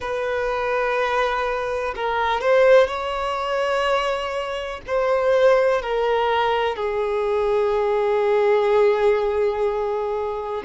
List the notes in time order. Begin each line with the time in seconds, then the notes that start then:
0.00 B4
1.95 A#4
2.41 C5
2.87 C#5
4.87 C5
5.82 A#4
6.75 G#4